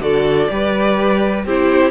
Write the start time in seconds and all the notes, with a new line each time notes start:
0.00 D3 F#4 A4 D5
0.50 G3 G4 B4
1.45 C4 E4 G4 C5